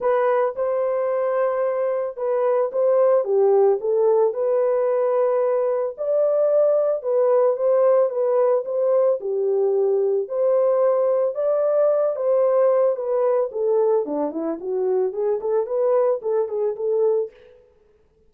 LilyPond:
\new Staff \with { instrumentName = "horn" } { \time 4/4 \tempo 4 = 111 b'4 c''2. | b'4 c''4 g'4 a'4 | b'2. d''4~ | d''4 b'4 c''4 b'4 |
c''4 g'2 c''4~ | c''4 d''4. c''4. | b'4 a'4 d'8 e'8 fis'4 | gis'8 a'8 b'4 a'8 gis'8 a'4 | }